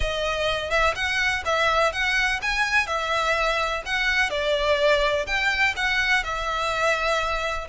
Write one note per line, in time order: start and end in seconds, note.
0.00 0.70 D#5
0.70 0.94 E5
0.95 1.43 F#5
1.45 1.92 E5
1.92 2.40 F#5
2.42 2.86 G#5
2.86 3.82 E5
3.85 4.30 F#5
4.30 5.26 D5
5.26 5.74 G5
5.76 6.23 F#5
6.23 7.67 E5